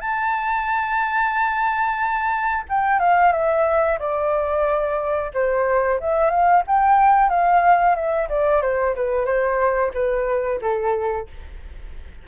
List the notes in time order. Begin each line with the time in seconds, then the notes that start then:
0.00 A5
2.69 G5
2.99 F5
3.32 E5
3.99 D5
5.34 C5
6.00 E5
6.30 F5
6.67 G5
7.30 F5
7.95 E5
8.29 D5
8.62 C5
8.95 B4
9.26 C5
9.94 B4
10.62 A4